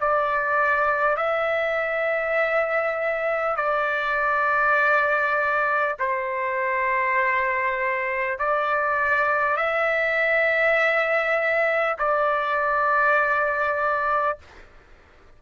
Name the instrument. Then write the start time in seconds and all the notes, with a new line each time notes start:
trumpet
0.00 D5
1.17 E5
3.56 D5
5.99 C5
8.38 D5
9.57 E5
11.98 D5